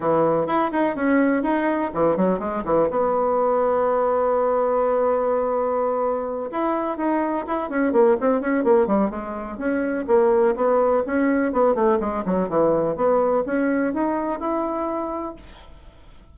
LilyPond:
\new Staff \with { instrumentName = "bassoon" } { \time 4/4 \tempo 4 = 125 e4 e'8 dis'8 cis'4 dis'4 | e8 fis8 gis8 e8 b2~ | b1~ | b4. e'4 dis'4 e'8 |
cis'8 ais8 c'8 cis'8 ais8 g8 gis4 | cis'4 ais4 b4 cis'4 | b8 a8 gis8 fis8 e4 b4 | cis'4 dis'4 e'2 | }